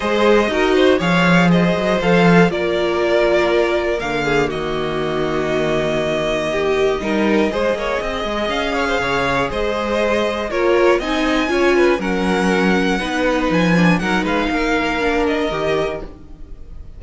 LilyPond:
<<
  \new Staff \with { instrumentName = "violin" } { \time 4/4 \tempo 4 = 120 dis''2 f''4 dis''4 | f''4 d''2. | f''4 dis''2.~ | dis''1~ |
dis''4 f''2 dis''4~ | dis''4 cis''4 gis''2 | fis''2. gis''4 | fis''8 f''2 dis''4. | }
  \new Staff \with { instrumentName = "violin" } { \time 4/4 c''4 ais'8 c''8 cis''4 c''4~ | c''4 ais'2.~ | ais'8 gis'8 fis'2.~ | fis'4 g'4 ais'4 c''8 cis''8 |
dis''4. cis''16 c''16 cis''4 c''4~ | c''4 ais'4 dis''4 cis''8 b'8 | ais'2 b'2 | ais'8 b'8 ais'2. | }
  \new Staff \with { instrumentName = "viola" } { \time 4/4 gis'4 fis'4 gis'2 | a'4 f'2. | ais1~ | ais2 dis'4 gis'4~ |
gis'1~ | gis'4 f'4 dis'4 f'4 | cis'2 dis'4. d'8 | dis'2 d'4 g'4 | }
  \new Staff \with { instrumentName = "cello" } { \time 4/4 gis4 dis'4 f4. fis8 | f4 ais2. | d4 dis2.~ | dis2 g4 gis8 ais8 |
c'8 gis8 cis'4 cis4 gis4~ | gis4 ais4 c'4 cis'4 | fis2 b4 f4 | fis8 gis8 ais2 dis4 | }
>>